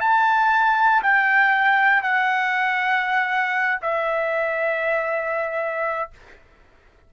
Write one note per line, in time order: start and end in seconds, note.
0.00 1.02 A5
1.02 2.02 G5
2.02 3.80 F#5
3.81 6.10 E5